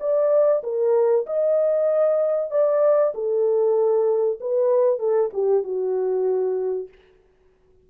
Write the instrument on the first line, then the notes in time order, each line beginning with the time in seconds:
horn
0.00 D5
0.63 A#4
1.26 D#5
2.51 D5
3.14 A4
4.40 B4
4.99 A4
5.33 G4
5.63 F#4